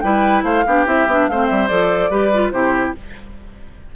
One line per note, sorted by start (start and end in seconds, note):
0.00 0.43 G3
0.00 0.65 E4
0.00 0.43 B4
0.00 0.42 G5
0.43 0.64 A3
0.43 0.64 C5
0.43 0.86 F5
0.66 0.86 B3
0.66 0.86 D4
0.66 1.29 G4
0.86 1.06 C4
0.86 1.07 E4
0.86 1.28 E5
1.06 1.27 B3
1.06 1.31 D4
1.28 1.50 A3
1.28 1.69 C4
1.28 2.10 C5
1.28 1.46 F5
1.46 1.70 G3
1.46 1.67 E5
1.67 2.10 F3
1.67 2.11 A4
1.67 2.50 D5
2.10 2.51 G3
2.10 2.32 G4
2.10 2.52 B4
2.33 2.52 F4
2.50 2.94 C3
2.50 2.94 E4
2.50 2.95 G4
2.50 2.92 C5